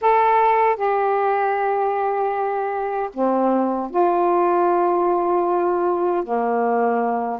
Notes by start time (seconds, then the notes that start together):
0.01 A4
0.76 G4
3.13 C4
3.90 F4
6.23 A#3